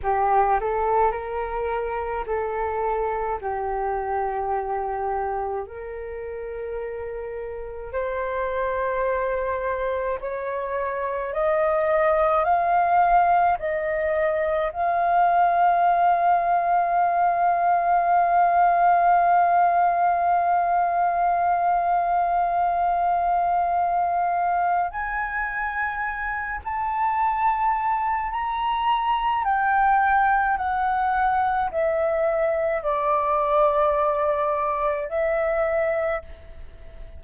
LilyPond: \new Staff \with { instrumentName = "flute" } { \time 4/4 \tempo 4 = 53 g'8 a'8 ais'4 a'4 g'4~ | g'4 ais'2 c''4~ | c''4 cis''4 dis''4 f''4 | dis''4 f''2.~ |
f''1~ | f''2 gis''4. a''8~ | a''4 ais''4 g''4 fis''4 | e''4 d''2 e''4 | }